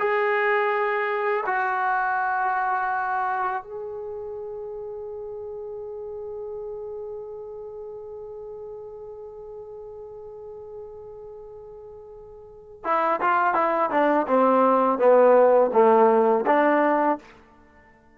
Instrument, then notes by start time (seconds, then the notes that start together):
trombone
0.00 G#4
1.47 F#4
3.63 G#4
12.85 E4
13.21 F4
13.54 E4
13.91 D4
14.28 C4
14.99 B3
15.73 A3
16.47 D4